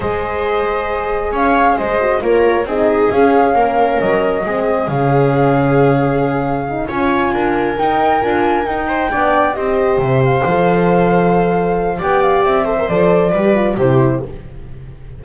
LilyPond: <<
  \new Staff \with { instrumentName = "flute" } { \time 4/4 \tempo 4 = 135 dis''2. f''4 | dis''4 cis''4 dis''4 f''4~ | f''4 dis''2 f''4~ | f''2.~ f''8 gis''8~ |
gis''4. g''4 gis''4 g''8~ | g''4. dis''4 e''8 f''4~ | f''2. g''8 f''8 | e''4 d''2 c''4 | }
  \new Staff \with { instrumentName = "viola" } { \time 4/4 c''2. cis''4 | c''4 ais'4 gis'2 | ais'2 gis'2~ | gis'2.~ gis'8 cis''8~ |
cis''8 ais'2.~ ais'8 | c''8 d''4 c''2~ c''8~ | c''2. d''4~ | d''8 c''4. b'4 g'4 | }
  \new Staff \with { instrumentName = "horn" } { \time 4/4 gis'1~ | gis'8 fis'8 f'4 dis'4 cis'4~ | cis'2 c'4 cis'4~ | cis'2. dis'8 f'8~ |
f'4. dis'4 f'4 dis'8~ | dis'8 d'4 g'2 a'8~ | a'2. g'4~ | g'8 a'16 ais'16 a'4 g'8 f'8 e'4 | }
  \new Staff \with { instrumentName = "double bass" } { \time 4/4 gis2. cis'4 | gis4 ais4 c'4 cis'4 | ais4 fis4 gis4 cis4~ | cis2.~ cis8 cis'8~ |
cis'8 d'4 dis'4 d'4 dis'8~ | dis'8 b4 c'4 c4 f8~ | f2. b4 | c'4 f4 g4 c4 | }
>>